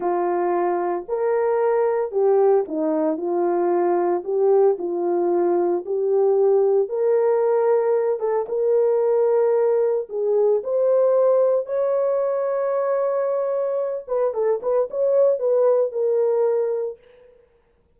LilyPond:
\new Staff \with { instrumentName = "horn" } { \time 4/4 \tempo 4 = 113 f'2 ais'2 | g'4 dis'4 f'2 | g'4 f'2 g'4~ | g'4 ais'2~ ais'8 a'8 |
ais'2. gis'4 | c''2 cis''2~ | cis''2~ cis''8 b'8 a'8 b'8 | cis''4 b'4 ais'2 | }